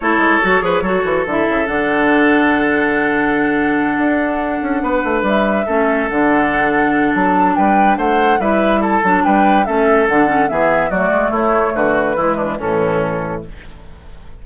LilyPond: <<
  \new Staff \with { instrumentName = "flute" } { \time 4/4 \tempo 4 = 143 cis''2. e''4 | fis''1~ | fis''1~ | fis''8 e''2 fis''4.~ |
fis''4 a''4 g''4 fis''4 | e''4 a''4 g''4 e''4 | fis''4 e''4 d''4 cis''4 | b'2 a'2 | }
  \new Staff \with { instrumentName = "oboe" } { \time 4/4 a'4. b'8 a'2~ | a'1~ | a'2.~ a'8 b'8~ | b'4. a'2~ a'8~ |
a'2 b'4 c''4 | b'4 a'4 b'4 a'4~ | a'4 gis'4 fis'4 e'4 | fis'4 e'8 d'8 cis'2 | }
  \new Staff \with { instrumentName = "clarinet" } { \time 4/4 e'4 fis'8 gis'8 fis'4 e'4 | d'1~ | d'1~ | d'4. cis'4 d'4.~ |
d'1 | e'4. d'4. cis'4 | d'8 cis'8 b4 a2~ | a4 gis4 e2 | }
  \new Staff \with { instrumentName = "bassoon" } { \time 4/4 a8 gis8 fis8 f8 fis8 e8 d8 cis8 | d1~ | d4. d'4. cis'8 b8 | a8 g4 a4 d4.~ |
d4 fis4 g4 a4 | g4. fis8 g4 a4 | d4 e4 fis8 gis8 a4 | d4 e4 a,2 | }
>>